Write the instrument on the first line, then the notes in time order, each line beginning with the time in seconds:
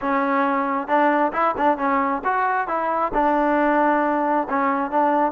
trombone
0.01 C#4
0.87 D4
1.33 E4
1.57 D4
1.77 C#4
2.24 F#4
2.67 E4
3.14 D4
4.49 C#4
4.91 D4